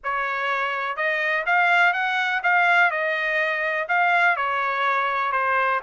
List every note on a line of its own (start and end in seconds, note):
0.03 0.96 C#5
0.96 1.44 D#5
1.46 1.93 F5
1.93 2.41 F#5
2.43 2.90 F5
2.90 3.87 D#5
3.88 4.36 F5
4.36 5.32 C#5
5.32 5.80 C5